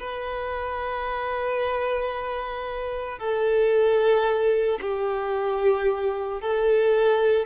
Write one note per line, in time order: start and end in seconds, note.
0.00 3.19 B4
3.19 4.80 A4
4.82 6.41 G4
6.41 7.47 A4